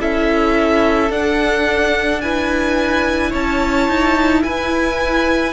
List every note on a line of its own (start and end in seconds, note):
0.00 1.11 C#4
0.00 1.10 E4
0.00 2.23 A4
0.00 1.12 E5
1.10 2.21 D4
1.10 3.33 D4
1.10 2.21 F#5
2.21 5.53 E4
2.21 3.31 B4
2.21 3.32 G#5
3.31 3.88 C#4
3.31 4.42 C#5
3.31 4.43 A5
3.88 4.44 D#4
4.43 5.53 E4
4.43 5.53 B4
4.43 5.53 G#5